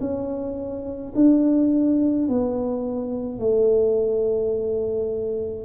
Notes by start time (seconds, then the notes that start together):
0.00 C#4
1.15 D4
2.28 B3
3.39 A3